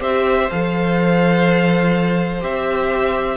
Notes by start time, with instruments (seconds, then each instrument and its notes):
0.00 cello C4, viola G4, violin C5 E5
0.51 cello F3, viola A4, violin F5
2.41 cello C4, viola G4, violin E5